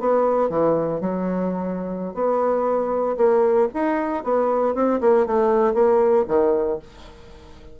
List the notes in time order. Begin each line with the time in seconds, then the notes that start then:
0.00 B3
0.49 E3
1.01 F#3
2.14 B3
3.17 A#3
3.74 D#4
4.24 B3
4.75 C4
5.01 A#3
5.27 A3
5.74 A#3
6.28 D#3